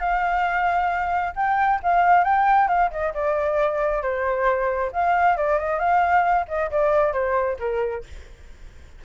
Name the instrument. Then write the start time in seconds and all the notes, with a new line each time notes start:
flute
0.00 F5
1.36 G5
1.83 F5
2.24 G5
2.68 F5
2.91 D#5
3.14 D5
4.02 C5
4.93 F5
5.37 D5
5.59 D#5
5.79 F5
6.48 D#5
6.71 D5
7.13 C5
7.60 A#4